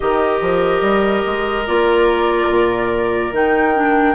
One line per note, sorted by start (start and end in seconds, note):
0.00 0.41 D#3
0.00 1.65 G4
0.00 4.15 A#4
0.00 1.66 D#5
0.41 0.81 F3
0.81 1.23 G3
1.25 1.67 G#3
1.66 2.49 A#3
1.66 3.32 F4
1.66 3.33 D5
2.49 3.31 A#2
3.31 4.15 D#3
3.31 3.73 D#4
3.31 4.15 G5
3.74 4.15 D4